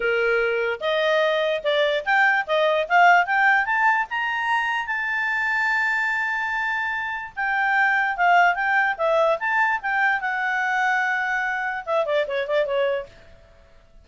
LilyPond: \new Staff \with { instrumentName = "clarinet" } { \time 4/4 \tempo 4 = 147 ais'2 dis''2 | d''4 g''4 dis''4 f''4 | g''4 a''4 ais''2 | a''1~ |
a''2 g''2 | f''4 g''4 e''4 a''4 | g''4 fis''2.~ | fis''4 e''8 d''8 cis''8 d''8 cis''4 | }